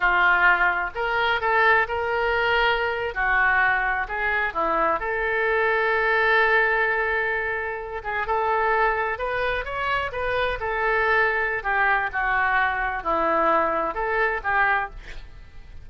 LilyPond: \new Staff \with { instrumentName = "oboe" } { \time 4/4 \tempo 4 = 129 f'2 ais'4 a'4 | ais'2~ ais'8. fis'4~ fis'16~ | fis'8. gis'4 e'4 a'4~ a'16~ | a'1~ |
a'4~ a'16 gis'8 a'2 b'16~ | b'8. cis''4 b'4 a'4~ a'16~ | a'4 g'4 fis'2 | e'2 a'4 g'4 | }